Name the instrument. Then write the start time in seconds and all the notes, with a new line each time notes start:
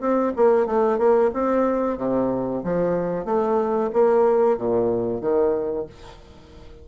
bassoon
0.00 C4
0.36 A#3
0.66 A3
0.98 A#3
1.33 C4
1.97 C3
2.64 F3
3.25 A3
3.92 A#3
4.57 A#2
5.21 D#3